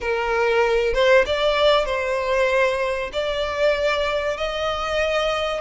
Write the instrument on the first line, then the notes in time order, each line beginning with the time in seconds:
violin
0.01 A#4
0.93 C5
1.26 D5
1.85 C5
3.12 D5
4.37 D#5